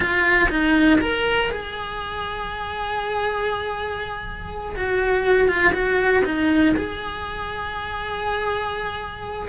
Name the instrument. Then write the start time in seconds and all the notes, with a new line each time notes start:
cello
0.00 F4
0.49 D#4
1.00 A#4
1.50 G#4
4.76 F#4
5.47 F4
5.73 F#4
6.24 D#4
6.76 G#4